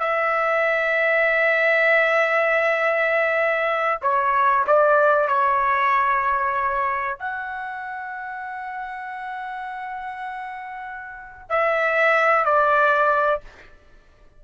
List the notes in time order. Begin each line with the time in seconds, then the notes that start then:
0.00 E5
4.02 C#5
4.67 D5
5.28 C#5
7.19 F#5
11.50 E5
12.45 D5